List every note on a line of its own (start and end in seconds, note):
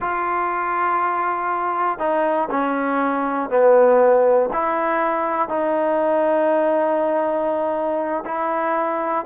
0.00 1.98 F4
1.98 2.48 D#4
2.50 3.49 C#4
3.49 4.49 B3
4.52 5.49 E4
5.49 8.24 D#4
8.25 9.25 E4